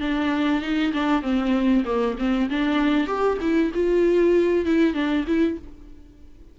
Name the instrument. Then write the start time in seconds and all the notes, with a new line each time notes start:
viola
0.00 D4
0.61 D#4
0.93 D4
1.22 C4
1.85 A#3
2.18 C4
2.50 D4
3.06 G4
3.41 E4
3.74 F4
4.65 E4
4.93 D4
5.27 E4